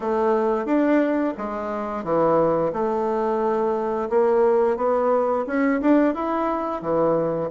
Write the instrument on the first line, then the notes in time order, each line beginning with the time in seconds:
bassoon
0.00 A3
0.65 D4
1.37 G#3
2.04 E3
2.73 A3
4.09 A#3
4.76 B3
5.46 C#4
5.81 D4
6.14 E4
6.82 E3